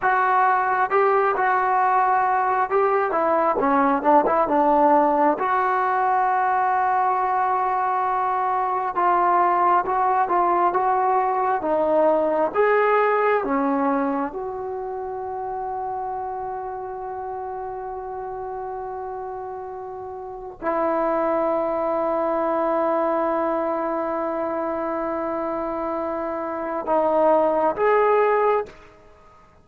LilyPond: \new Staff \with { instrumentName = "trombone" } { \time 4/4 \tempo 4 = 67 fis'4 g'8 fis'4. g'8 e'8 | cis'8 d'16 e'16 d'4 fis'2~ | fis'2 f'4 fis'8 f'8 | fis'4 dis'4 gis'4 cis'4 |
fis'1~ | fis'2. e'4~ | e'1~ | e'2 dis'4 gis'4 | }